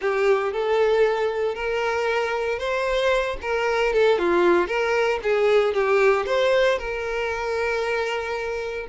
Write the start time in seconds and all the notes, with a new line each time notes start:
0.01 G4
0.52 A4
1.54 A#4
2.58 C5
3.41 A#4
3.93 A4
4.18 F4
4.67 A#4
5.22 G#4
5.73 G4
6.26 C5
6.78 A#4